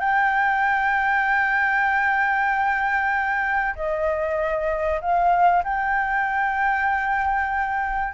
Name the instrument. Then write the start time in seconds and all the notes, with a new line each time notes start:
flute
0.00 G5
3.76 D#5
5.01 F5
5.64 G5